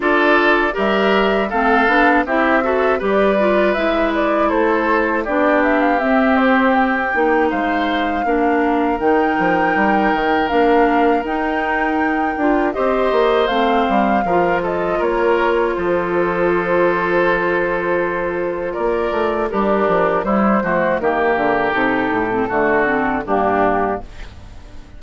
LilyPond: <<
  \new Staff \with { instrumentName = "flute" } { \time 4/4 \tempo 4 = 80 d''4 e''4 f''4 e''4 | d''4 e''8 d''8 c''4 d''8 e''16 f''16 | e''8 c''8 g''4 f''2 | g''2 f''4 g''4~ |
g''4 dis''4 f''4. dis''8 | cis''4 c''2.~ | c''4 d''4 ais'4 c''4 | ais'4 a'2 g'4 | }
  \new Staff \with { instrumentName = "oboe" } { \time 4/4 a'4 ais'4 a'4 g'8 a'8 | b'2 a'4 g'4~ | g'2 c''4 ais'4~ | ais'1~ |
ais'4 c''2 ais'8 a'8 | ais'4 a'2.~ | a'4 ais'4 d'4 e'8 fis'8 | g'2 fis'4 d'4 | }
  \new Staff \with { instrumentName = "clarinet" } { \time 4/4 f'4 g'4 c'8 d'8 e'8 fis'8 | g'8 f'8 e'2 d'4 | c'4. dis'4. d'4 | dis'2 d'4 dis'4~ |
dis'8 f'8 g'4 c'4 f'4~ | f'1~ | f'2 g'4 g8 a8 | ais4 dis'8. c'16 a8 c'8 ais4 | }
  \new Staff \with { instrumentName = "bassoon" } { \time 4/4 d'4 g4 a8 b8 c'4 | g4 gis4 a4 b4 | c'4. ais8 gis4 ais4 | dis8 f8 g8 dis8 ais4 dis'4~ |
dis'8 d'8 c'8 ais8 a8 g8 f4 | ais4 f2.~ | f4 ais8 a8 g8 f8 g8 f8 | dis8 d8 c8 a,8 d4 g,4 | }
>>